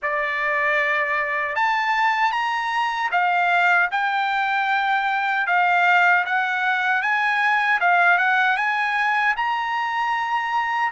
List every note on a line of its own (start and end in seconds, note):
0.02 1.55 D5
1.55 2.31 A5
2.31 3.09 A#5
3.11 3.89 F5
3.91 5.47 G5
5.47 6.24 F5
6.25 7.01 F#5
7.01 7.79 G#5
7.80 8.17 F5
8.17 8.56 F#5
8.56 9.34 G#5
9.36 10.92 A#5